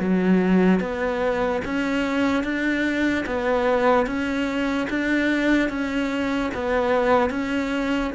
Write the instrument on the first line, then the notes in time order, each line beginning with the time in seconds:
cello
0.00 F#3
0.80 B3
1.65 C#4
2.44 D4
3.27 B3
4.07 C#4
4.90 D4
5.70 C#4
6.55 B3
7.30 C#4